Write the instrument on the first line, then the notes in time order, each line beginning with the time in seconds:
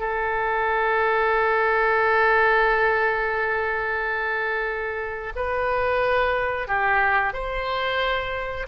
oboe
0.00 A4
5.36 B4
6.68 G4
7.34 C5